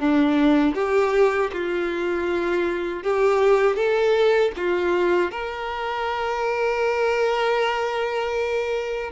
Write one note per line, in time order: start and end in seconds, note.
0.00 0.75 D4
0.75 1.51 G4
1.53 3.03 F4
3.03 3.76 G4
3.76 4.52 A4
4.56 5.32 F4
5.32 9.11 A#4